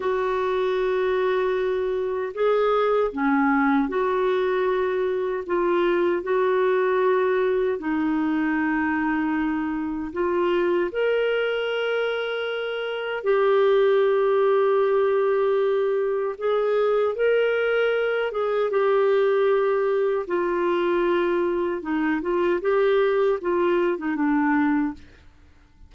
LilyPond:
\new Staff \with { instrumentName = "clarinet" } { \time 4/4 \tempo 4 = 77 fis'2. gis'4 | cis'4 fis'2 f'4 | fis'2 dis'2~ | dis'4 f'4 ais'2~ |
ais'4 g'2.~ | g'4 gis'4 ais'4. gis'8 | g'2 f'2 | dis'8 f'8 g'4 f'8. dis'16 d'4 | }